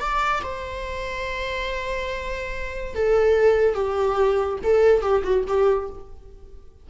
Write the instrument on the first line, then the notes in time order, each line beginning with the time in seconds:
viola
0.00 D5
0.43 C5
2.95 A4
3.75 G4
4.63 A4
5.02 G4
5.23 F#4
5.47 G4